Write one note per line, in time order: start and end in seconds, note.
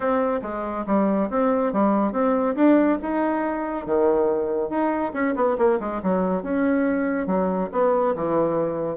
0.00 0.41 C4
0.42 0.85 G#3
0.86 1.29 G3
1.30 1.72 C4
1.72 2.12 G3
2.12 2.55 C4
2.55 2.98 D4
3.02 3.86 D#4
3.86 4.69 D#3
4.69 5.12 D#4
5.13 5.34 C#4
5.35 5.57 B3
5.58 5.79 A#3
5.80 6.01 G#3
6.03 6.42 F#3
6.42 7.26 C#4
7.26 7.69 F#3
7.72 8.15 B3
8.15 8.97 E3